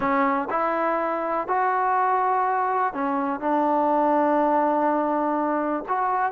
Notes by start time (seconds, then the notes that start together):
0.00 C#4
0.50 E4
1.47 F#4
2.93 C#4
3.40 D4
5.88 F#4